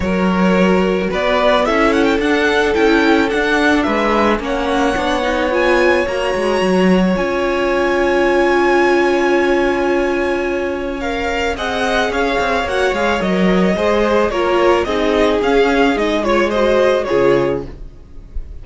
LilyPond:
<<
  \new Staff \with { instrumentName = "violin" } { \time 4/4 \tempo 4 = 109 cis''2 d''4 e''8 fis''16 g''16 | fis''4 g''4 fis''4 e''4 | fis''2 gis''4 ais''4~ | ais''4 gis''2.~ |
gis''1 | f''4 fis''4 f''4 fis''8 f''8 | dis''2 cis''4 dis''4 | f''4 dis''8 cis''8 dis''4 cis''4 | }
  \new Staff \with { instrumentName = "violin" } { \time 4/4 ais'2 b'4 a'4~ | a'2. b'4 | cis''1~ | cis''1~ |
cis''1~ | cis''4 dis''4 cis''2~ | cis''4 c''4 ais'4 gis'4~ | gis'4. cis''8 c''4 gis'4 | }
  \new Staff \with { instrumentName = "viola" } { \time 4/4 fis'2. e'4 | d'4 e'4 d'2 | cis'4 d'8 dis'8 f'4 fis'4~ | fis'4 f'2.~ |
f'1 | ais'4 gis'2 fis'8 gis'8 | ais'4 gis'4 f'4 dis'4 | cis'4 dis'8 f'8 fis'4 f'4 | }
  \new Staff \with { instrumentName = "cello" } { \time 4/4 fis2 b4 cis'4 | d'4 cis'4 d'4 gis4 | ais4 b2 ais8 gis8 | fis4 cis'2.~ |
cis'1~ | cis'4 c'4 cis'8 c'8 ais8 gis8 | fis4 gis4 ais4 c'4 | cis'4 gis2 cis4 | }
>>